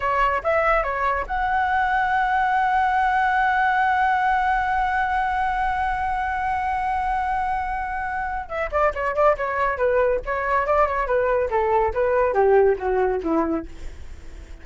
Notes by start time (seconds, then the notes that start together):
0.00 C#5
0.43 E5
0.83 C#5
1.26 F#5
8.48 E5
8.71 D5
8.94 C#5
9.15 D5
9.37 C#5
9.77 B4
10.25 C#5
10.66 D5
10.87 C#5
11.06 B4
11.50 A4
11.93 B4
12.33 G4
12.78 F#4
13.23 E4